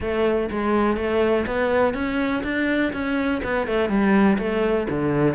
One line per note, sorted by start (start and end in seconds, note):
0.00 0.49 A3
0.50 0.96 G#3
0.96 1.45 A3
1.46 1.94 B3
1.94 2.42 C#4
2.43 2.92 D4
2.92 3.41 C#4
3.43 3.67 B3
3.67 3.89 A3
3.89 4.37 G3
4.38 4.87 A3
4.89 5.34 D3